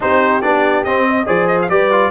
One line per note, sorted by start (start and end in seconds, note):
0.00 0.44 C4
0.00 0.42 D#4
0.00 1.07 G4
0.00 0.41 C5
0.41 0.85 B3
0.41 0.85 D4
0.41 0.84 D5
0.84 1.27 C4
0.84 1.26 C4
0.84 1.26 D#5
1.07 1.27 D#5
1.26 1.69 F3
1.26 1.68 G#4
1.26 1.69 C5
1.26 1.47 D5
1.47 1.58 D#5
1.62 1.69 F5
1.69 2.10 G3
1.69 1.91 G4
1.69 2.10 B4
1.69 2.10 D5
1.91 2.10 F4